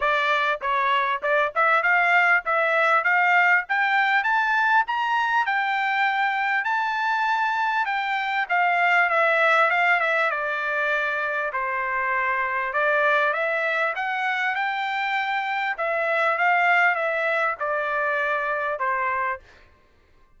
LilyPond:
\new Staff \with { instrumentName = "trumpet" } { \time 4/4 \tempo 4 = 99 d''4 cis''4 d''8 e''8 f''4 | e''4 f''4 g''4 a''4 | ais''4 g''2 a''4~ | a''4 g''4 f''4 e''4 |
f''8 e''8 d''2 c''4~ | c''4 d''4 e''4 fis''4 | g''2 e''4 f''4 | e''4 d''2 c''4 | }